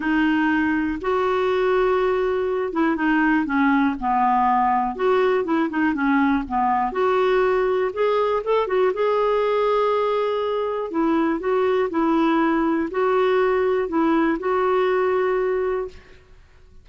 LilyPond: \new Staff \with { instrumentName = "clarinet" } { \time 4/4 \tempo 4 = 121 dis'2 fis'2~ | fis'4. e'8 dis'4 cis'4 | b2 fis'4 e'8 dis'8 | cis'4 b4 fis'2 |
gis'4 a'8 fis'8 gis'2~ | gis'2 e'4 fis'4 | e'2 fis'2 | e'4 fis'2. | }